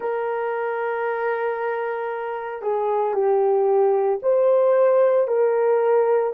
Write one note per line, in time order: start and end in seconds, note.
0.00 2.61 A#4
2.62 3.13 G#4
3.13 4.19 G4
4.22 5.27 C5
5.27 6.33 A#4